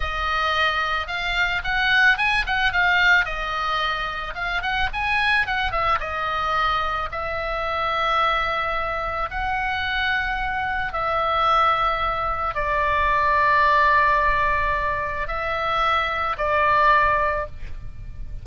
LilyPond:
\new Staff \with { instrumentName = "oboe" } { \time 4/4 \tempo 4 = 110 dis''2 f''4 fis''4 | gis''8 fis''8 f''4 dis''2 | f''8 fis''8 gis''4 fis''8 e''8 dis''4~ | dis''4 e''2.~ |
e''4 fis''2. | e''2. d''4~ | d''1 | e''2 d''2 | }